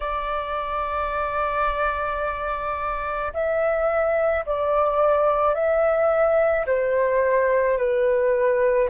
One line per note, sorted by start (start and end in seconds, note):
0.00 3.32 D5
3.33 4.44 E5
4.45 5.54 D5
5.54 6.65 E5
6.66 7.77 C5
7.77 8.88 B4